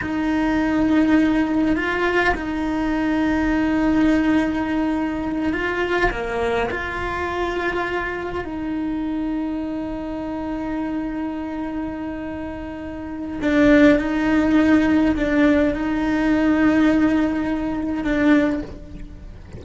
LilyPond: \new Staff \with { instrumentName = "cello" } { \time 4/4 \tempo 4 = 103 dis'2. f'4 | dis'1~ | dis'4. f'4 ais4 f'8~ | f'2~ f'8 dis'4.~ |
dis'1~ | dis'2. d'4 | dis'2 d'4 dis'4~ | dis'2. d'4 | }